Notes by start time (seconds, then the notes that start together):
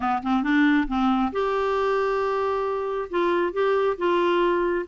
0.00 B3
0.22 C4
0.43 D4
0.87 C4
1.32 G4
3.09 F4
3.53 G4
3.97 F4